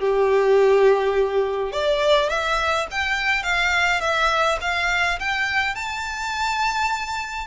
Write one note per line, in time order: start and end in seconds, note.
0.00 1.73 G4
1.73 2.30 D5
2.30 2.87 E5
2.92 3.44 G5
3.44 4.01 F5
4.01 4.59 E5
4.62 5.19 F5
5.20 5.76 G5
5.76 7.48 A5